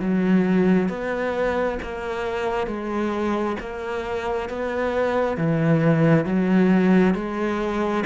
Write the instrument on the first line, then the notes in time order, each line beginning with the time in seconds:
cello
0.00 F#3
0.89 B3
1.82 A#3
2.67 G#3
3.60 A#3
4.49 B3
5.37 E3
6.25 F#3
7.14 G#3